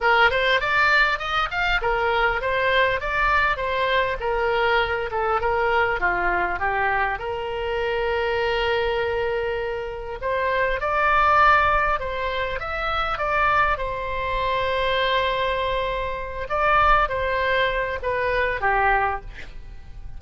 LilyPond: \new Staff \with { instrumentName = "oboe" } { \time 4/4 \tempo 4 = 100 ais'8 c''8 d''4 dis''8 f''8 ais'4 | c''4 d''4 c''4 ais'4~ | ais'8 a'8 ais'4 f'4 g'4 | ais'1~ |
ais'4 c''4 d''2 | c''4 e''4 d''4 c''4~ | c''2.~ c''8 d''8~ | d''8 c''4. b'4 g'4 | }